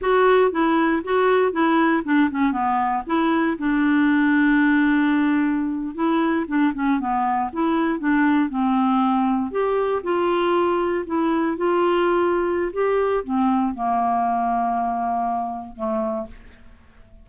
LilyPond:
\new Staff \with { instrumentName = "clarinet" } { \time 4/4 \tempo 4 = 118 fis'4 e'4 fis'4 e'4 | d'8 cis'8 b4 e'4 d'4~ | d'2.~ d'8. e'16~ | e'8. d'8 cis'8 b4 e'4 d'16~ |
d'8. c'2 g'4 f'16~ | f'4.~ f'16 e'4 f'4~ f'16~ | f'4 g'4 c'4 ais4~ | ais2. a4 | }